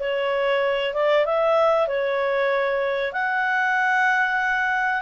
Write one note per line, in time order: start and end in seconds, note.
0.00 0.94 C#5
0.94 1.26 D5
1.26 1.88 E5
1.88 3.13 C#5
3.13 5.02 F#5